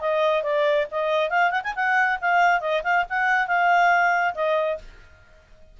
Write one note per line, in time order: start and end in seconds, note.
0.00 0.43 D#5
0.43 0.86 D5
0.91 1.30 D#5
1.30 1.50 F5
1.50 1.61 F#5
1.63 1.74 G#5
1.75 2.19 F#5
2.21 2.60 F5
2.60 2.82 D#5
2.83 3.05 F5
3.09 3.47 F#5
3.47 4.34 F5
4.34 4.78 D#5